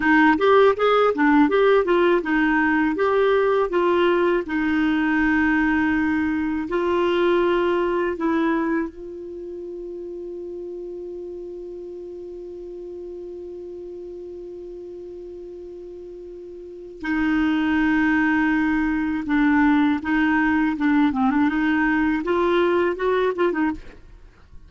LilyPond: \new Staff \with { instrumentName = "clarinet" } { \time 4/4 \tempo 4 = 81 dis'8 g'8 gis'8 d'8 g'8 f'8 dis'4 | g'4 f'4 dis'2~ | dis'4 f'2 e'4 | f'1~ |
f'1~ | f'2. dis'4~ | dis'2 d'4 dis'4 | d'8 c'16 d'16 dis'4 f'4 fis'8 f'16 dis'16 | }